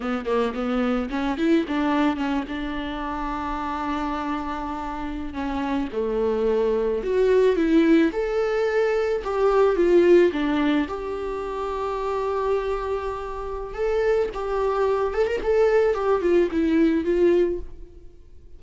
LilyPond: \new Staff \with { instrumentName = "viola" } { \time 4/4 \tempo 4 = 109 b8 ais8 b4 cis'8 e'8 d'4 | cis'8 d'2.~ d'8~ | d'4.~ d'16 cis'4 a4~ a16~ | a8. fis'4 e'4 a'4~ a'16~ |
a'8. g'4 f'4 d'4 g'16~ | g'1~ | g'4 a'4 g'4. a'16 ais'16 | a'4 g'8 f'8 e'4 f'4 | }